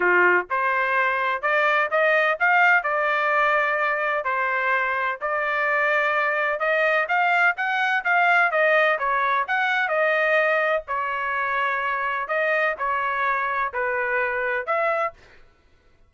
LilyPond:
\new Staff \with { instrumentName = "trumpet" } { \time 4/4 \tempo 4 = 127 f'4 c''2 d''4 | dis''4 f''4 d''2~ | d''4 c''2 d''4~ | d''2 dis''4 f''4 |
fis''4 f''4 dis''4 cis''4 | fis''4 dis''2 cis''4~ | cis''2 dis''4 cis''4~ | cis''4 b'2 e''4 | }